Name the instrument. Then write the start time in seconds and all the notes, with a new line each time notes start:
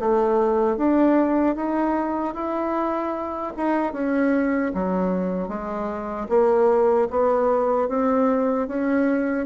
bassoon
0.00 A3
0.77 D4
1.56 D#4
2.35 E4
3.57 D#4
3.93 C#4
4.75 F#3
5.49 G#3
6.29 A#3
7.11 B3
7.89 C4
8.68 C#4